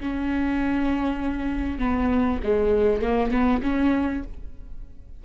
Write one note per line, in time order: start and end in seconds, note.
0.00 1.78 C#4
1.78 2.39 B3
2.43 3.02 G#3
3.02 3.31 A#3
3.31 3.61 B3
3.63 4.23 C#4